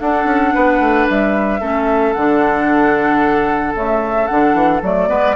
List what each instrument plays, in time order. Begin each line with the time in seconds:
0.00 clarinet D4, bassoon D4, oboe A4, flute F#5
0.25 bassoon C#4
0.55 bassoon B3, oboe B4
0.80 bassoon A3
1.10 bassoon G3, flute E5
1.61 bassoon A3, clarinet C#4, oboe A4
2.13 bassoon D3, clarinet D4, flute F#5
3.75 bassoon C#3, clarinet A3, flute E5
4.28 bassoon D3, clarinet D4, flute F#5
4.54 bassoon E3
4.83 bassoon F#3, clarinet A3, flute D5
5.08 bassoon G#3, clarinet B3, oboe B4